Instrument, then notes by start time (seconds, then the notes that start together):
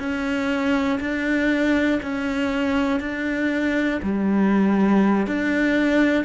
cello
0.00 C#4
1.00 D4
2.03 C#4
3.00 D4
4.03 G3
5.27 D4